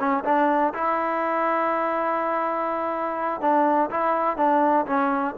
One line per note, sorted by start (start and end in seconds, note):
0.00 0.24 C#4
0.25 0.74 D4
0.74 3.41 E4
3.41 3.90 D4
3.91 4.37 E4
4.37 4.86 D4
4.86 5.35 C#4